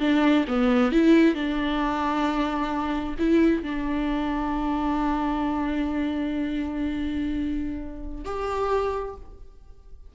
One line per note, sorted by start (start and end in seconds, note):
0.00 0.45 D4
0.48 0.92 B3
0.92 1.35 E4
1.35 3.15 D4
3.19 3.63 E4
3.63 8.25 D4
8.25 9.15 G4